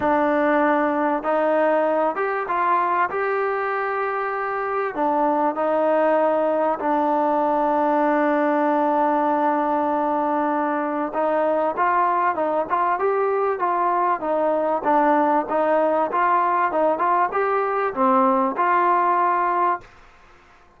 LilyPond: \new Staff \with { instrumentName = "trombone" } { \time 4/4 \tempo 4 = 97 d'2 dis'4. g'8 | f'4 g'2. | d'4 dis'2 d'4~ | d'1~ |
d'2 dis'4 f'4 | dis'8 f'8 g'4 f'4 dis'4 | d'4 dis'4 f'4 dis'8 f'8 | g'4 c'4 f'2 | }